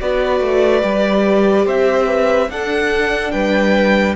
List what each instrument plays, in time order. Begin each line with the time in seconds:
0.00 cello B3, viola F#4, violin B4 D5
0.40 cello A3
0.82 cello G3, viola G4
1.65 cello C4, violin C5 E5
2.07 violin B4
2.49 cello D4, viola D4, violin A4 F#5
3.31 cello G3, violin B4 G5